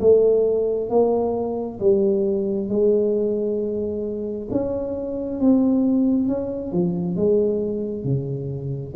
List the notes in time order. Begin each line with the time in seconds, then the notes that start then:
0.00 A3
0.90 A#3
1.80 G3
2.69 G#3
4.51 C#4
5.40 C4
6.28 C#4
6.72 F3
7.16 G#3
8.04 C#3